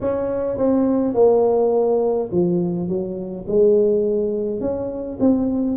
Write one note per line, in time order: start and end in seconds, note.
0.01 0.57 C#4
0.57 1.14 C4
1.14 2.29 A#3
2.31 2.88 F3
2.88 3.46 F#3
3.47 4.60 G#3
4.60 5.18 C#4
5.19 5.76 C4